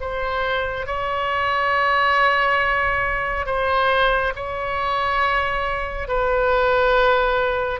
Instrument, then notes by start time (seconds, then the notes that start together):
oboe
0.00 C5
0.86 C#5
3.46 C5
4.36 C#5
6.08 B4